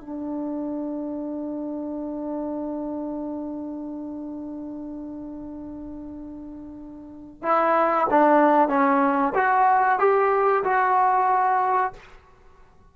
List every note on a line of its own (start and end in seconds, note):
0.00 7.42 D4
7.42 8.07 E4
8.10 8.68 D4
8.68 9.33 C#4
9.34 9.99 F#4
9.99 10.63 G4
10.63 11.92 F#4